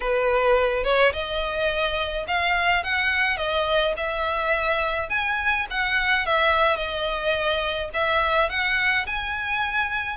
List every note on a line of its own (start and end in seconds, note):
0.00 0.84 B4
0.84 1.12 C#5
1.12 2.25 D#5
2.27 2.83 F5
2.83 3.37 F#5
3.37 3.93 D#5
3.96 5.09 E5
5.09 5.66 G#5
5.70 6.25 F#5
6.25 6.76 E5
6.76 7.89 D#5
7.93 8.49 E5
8.49 9.06 F#5
9.06 10.16 G#5